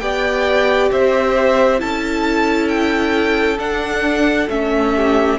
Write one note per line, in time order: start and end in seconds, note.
0.00 0.91 B3
0.00 1.79 G4
0.00 0.92 D5
0.00 0.90 G5
0.92 1.81 C4
0.92 1.81 C5
0.92 1.81 E5
1.79 3.59 C#4
1.79 3.58 E4
1.79 4.95 A4
1.79 2.69 A5
2.69 3.58 G5
3.59 4.48 D4
3.59 4.49 D4
3.59 4.49 F#5
4.49 5.39 A3
4.49 5.39 C#4
4.49 5.39 E5
4.96 5.39 G4